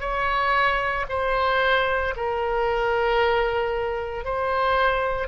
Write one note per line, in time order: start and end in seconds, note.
0.00 1.05 C#5
1.09 2.14 C5
2.16 4.24 A#4
4.24 5.27 C5